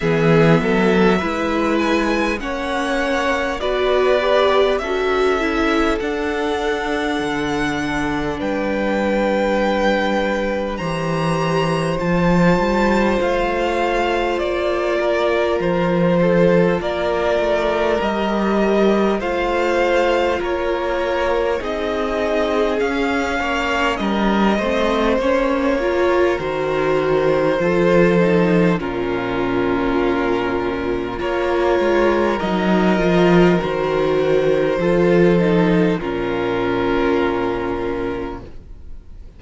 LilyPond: <<
  \new Staff \with { instrumentName = "violin" } { \time 4/4 \tempo 4 = 50 e''4. gis''8 fis''4 d''4 | e''4 fis''2 g''4~ | g''4 ais''4 a''4 f''4 | d''4 c''4 d''4 dis''4 |
f''4 cis''4 dis''4 f''4 | dis''4 cis''4 c''2 | ais'2 cis''4 dis''4 | c''2 ais'2 | }
  \new Staff \with { instrumentName = "violin" } { \time 4/4 gis'8 a'8 b'4 cis''4 b'4 | a'2. b'4~ | b'4 c''2.~ | c''8 ais'4 a'8 ais'2 |
c''4 ais'4 gis'4. cis''8 | ais'8 c''4 ais'4. a'4 | f'2 ais'2~ | ais'4 a'4 f'2 | }
  \new Staff \with { instrumentName = "viola" } { \time 4/4 b4 e'4 cis'4 fis'8 g'8 | fis'8 e'8 d'2.~ | d'4 g'4 f'2~ | f'2. g'4 |
f'2 dis'4 cis'4~ | cis'8 c'8 cis'8 f'8 fis'4 f'8 dis'8 | cis'2 f'4 dis'8 f'8 | fis'4 f'8 dis'8 cis'2 | }
  \new Staff \with { instrumentName = "cello" } { \time 4/4 e8 fis8 gis4 ais4 b4 | cis'4 d'4 d4 g4~ | g4 e4 f8 g8 a4 | ais4 f4 ais8 a8 g4 |
a4 ais4 c'4 cis'8 ais8 | g8 a8 ais4 dis4 f4 | ais,2 ais8 gis8 fis8 f8 | dis4 f4 ais,2 | }
>>